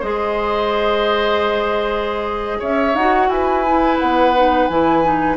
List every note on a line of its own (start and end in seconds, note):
0.00 2.61 G#3
0.00 2.96 G#4
0.00 2.59 C5
0.00 2.62 D#5
2.59 2.94 C#4
2.59 3.28 C#5
2.59 2.95 E5
2.94 3.28 D#4
2.94 3.67 F#4
2.94 3.29 F#5
3.28 3.97 E4
3.28 5.37 B4
3.28 3.98 G#5
3.67 4.35 E4
3.99 4.69 B3
3.99 4.67 F#5
4.35 4.70 D#4
4.67 5.37 E3
4.67 5.04 E4
4.67 5.36 G#5
5.04 5.37 D#4